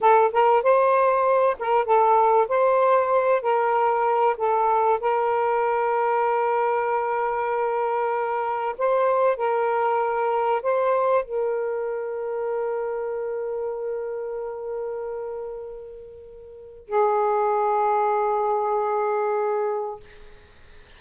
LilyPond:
\new Staff \with { instrumentName = "saxophone" } { \time 4/4 \tempo 4 = 96 a'8 ais'8 c''4. ais'8 a'4 | c''4. ais'4. a'4 | ais'1~ | ais'2 c''4 ais'4~ |
ais'4 c''4 ais'2~ | ais'1~ | ais'2. gis'4~ | gis'1 | }